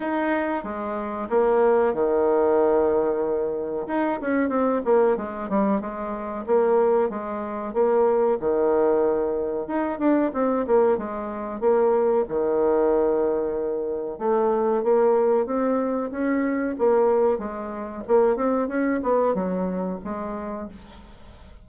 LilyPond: \new Staff \with { instrumentName = "bassoon" } { \time 4/4 \tempo 4 = 93 dis'4 gis4 ais4 dis4~ | dis2 dis'8 cis'8 c'8 ais8 | gis8 g8 gis4 ais4 gis4 | ais4 dis2 dis'8 d'8 |
c'8 ais8 gis4 ais4 dis4~ | dis2 a4 ais4 | c'4 cis'4 ais4 gis4 | ais8 c'8 cis'8 b8 fis4 gis4 | }